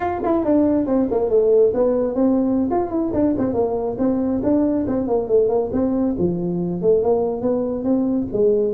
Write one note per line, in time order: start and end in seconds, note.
0.00 0.21 F4
0.23 0.44 E4
0.44 0.86 D4
0.86 1.08 C4
1.10 1.29 A#3
1.29 1.72 A3
1.74 2.14 B3
2.14 2.68 C4
2.70 2.90 F4
2.90 3.11 E4
3.13 3.35 D4
3.37 3.53 C4
3.53 3.96 A#3
3.98 4.41 C4
4.43 4.86 D4
4.87 5.07 C4
5.07 5.27 A#3
5.27 5.49 A3
5.49 5.70 A#3
5.72 6.15 C4
6.18 6.81 F3
6.81 7.02 A3
7.02 7.41 A#3
7.41 7.84 B3
7.84 8.27 C4
8.32 8.73 G#3